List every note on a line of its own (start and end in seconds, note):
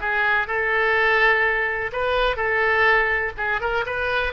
0.00 0.47 G#4
0.47 1.91 A4
1.92 2.36 B4
2.36 3.32 A4
3.37 3.60 G#4
3.60 3.84 A#4
3.86 4.33 B4